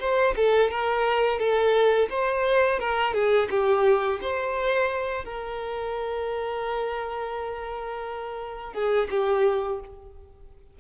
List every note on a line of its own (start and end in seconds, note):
0.00 0.35 C5
0.36 0.71 A4
0.71 1.39 A#4
1.39 2.09 A4
2.10 2.80 C5
2.80 3.14 A#4
3.14 3.49 G#4
3.50 4.20 G4
4.22 5.25 C5
5.25 8.74 A#4
8.74 9.09 G#4
9.10 9.80 G4